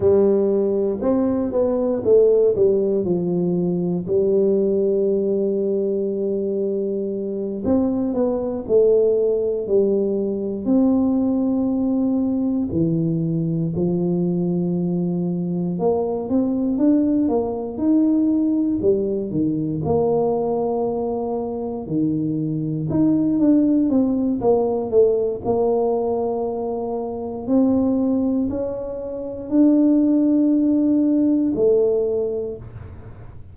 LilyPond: \new Staff \with { instrumentName = "tuba" } { \time 4/4 \tempo 4 = 59 g4 c'8 b8 a8 g8 f4 | g2.~ g8 c'8 | b8 a4 g4 c'4.~ | c'8 e4 f2 ais8 |
c'8 d'8 ais8 dis'4 g8 dis8 ais8~ | ais4. dis4 dis'8 d'8 c'8 | ais8 a8 ais2 c'4 | cis'4 d'2 a4 | }